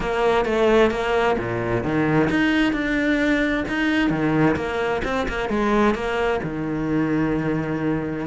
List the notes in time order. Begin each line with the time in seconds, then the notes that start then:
0.00 A#3
0.45 A3
0.91 A#3
1.38 A#2
1.83 D#3
2.30 D#4
2.73 D4
3.68 D#4
4.10 D#3
4.56 A#3
5.04 C4
5.28 A#3
5.49 G#3
5.94 A#3
6.43 D#3